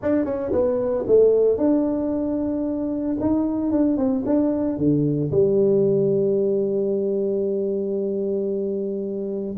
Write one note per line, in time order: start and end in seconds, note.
0.02 0.25 D4
0.25 0.51 C#4
0.52 1.05 B3
1.07 1.57 A3
1.57 3.16 D4
3.20 3.71 D#4
3.71 3.97 D4
3.97 4.23 C4
4.25 4.77 D4
4.77 5.30 D3
5.31 9.56 G3